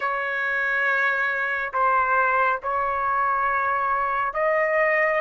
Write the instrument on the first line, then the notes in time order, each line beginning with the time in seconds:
trumpet
0.00 C#5
1.73 C5
2.62 C#5
4.33 D#5